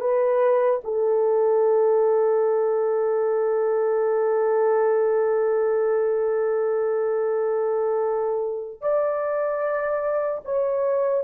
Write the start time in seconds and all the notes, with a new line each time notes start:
0.00 B4
0.84 A4
8.81 D5
10.44 C#5